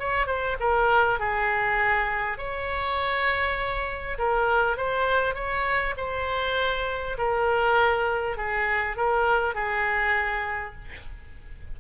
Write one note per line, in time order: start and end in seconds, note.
0.00 0.27 C#5
0.27 0.57 C5
0.60 1.20 A#4
1.20 2.38 G#4
2.38 4.18 C#5
4.19 4.78 A#4
4.78 5.35 C5
5.35 5.95 C#5
5.98 7.18 C5
7.18 8.37 A#4
8.37 8.97 G#4
8.97 9.55 A#4
9.55 10.75 G#4